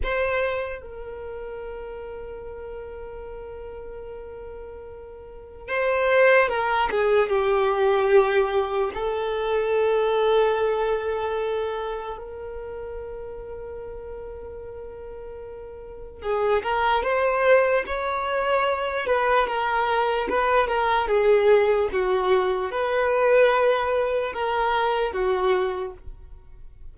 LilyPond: \new Staff \with { instrumentName = "violin" } { \time 4/4 \tempo 4 = 74 c''4 ais'2.~ | ais'2. c''4 | ais'8 gis'8 g'2 a'4~ | a'2. ais'4~ |
ais'1 | gis'8 ais'8 c''4 cis''4. b'8 | ais'4 b'8 ais'8 gis'4 fis'4 | b'2 ais'4 fis'4 | }